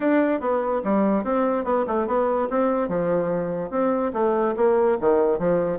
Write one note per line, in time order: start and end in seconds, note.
0.00 0.40 D4
0.40 0.81 B3
0.84 1.24 G3
1.24 1.64 C4
1.64 1.85 B3
1.87 2.07 A3
2.07 2.48 B3
2.50 2.88 C4
2.88 3.70 F3
3.70 4.12 C4
4.13 4.54 A3
4.56 4.97 A#3
5.00 5.38 D#3
5.38 5.78 F3